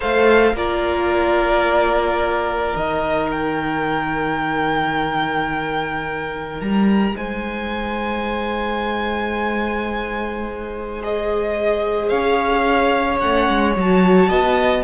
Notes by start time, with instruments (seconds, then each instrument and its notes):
0.00 cello A3, viola A4, violin C5 F5
0.53 cello A#3, viola F4, violin A#4 D5
2.74 cello D#3, viola D#4, violin D#5
3.31 violin G5
6.60 cello G3, violin A#5
7.16 cello G#3, violin C5 G#5
11.01 viola G#4, violin D#5
12.08 cello C#4, violin C#5 F5
13.19 cello A3, viola C#4, violin F#5
13.48 cello G#3
13.76 cello F#3, viola F#4, violin A5
14.28 cello B3, violin D#5